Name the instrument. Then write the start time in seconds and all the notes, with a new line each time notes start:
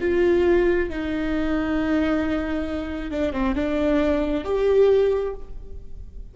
viola
0.00 F4
0.89 D#4
3.11 D4
3.32 C4
3.55 D4
4.44 G4